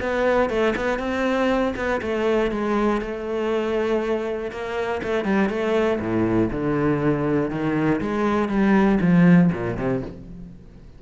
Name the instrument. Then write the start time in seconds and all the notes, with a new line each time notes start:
cello
0.00 B3
0.50 A3
0.76 B3
0.99 C4
1.76 B3
2.02 A3
2.51 G#3
3.01 A3
4.51 A#3
5.03 A3
5.24 G3
5.49 A3
6.00 A2
6.51 D3
7.50 D#3
8.01 G#3
8.49 G3
9.01 F3
9.53 A#2
9.77 C3